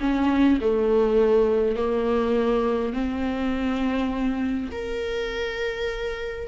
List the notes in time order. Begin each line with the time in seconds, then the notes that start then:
0.00 C#4
0.61 A3
1.76 A#3
2.93 C4
4.71 A#4